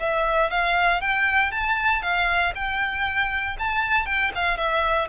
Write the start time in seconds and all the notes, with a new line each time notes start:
0.00 E5
0.51 F5
1.01 G5
1.52 A5
2.02 F5
2.55 G5
3.59 A5
4.06 G5
4.35 F5
4.58 E5